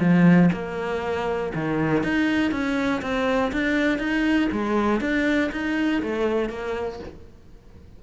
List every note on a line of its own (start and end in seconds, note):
0.00 0.50 F3
0.53 1.53 A#3
1.55 2.04 D#3
2.04 2.52 D#4
2.52 3.02 C#4
3.02 3.52 C4
3.52 3.99 D4
3.99 4.49 D#4
4.52 5.01 G#3
5.01 5.51 D4
5.52 6.02 D#4
6.02 6.50 A3
6.50 7.00 A#3